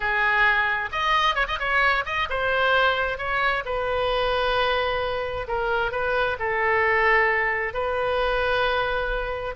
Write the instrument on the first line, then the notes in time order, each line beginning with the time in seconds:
oboe
0.00 G#4
0.92 D#5
1.35 C#5
1.47 D#5
1.59 C#5
2.05 D#5
2.29 C5
3.18 C#5
3.65 B4
5.47 A#4
5.91 B4
6.39 A4
7.73 B4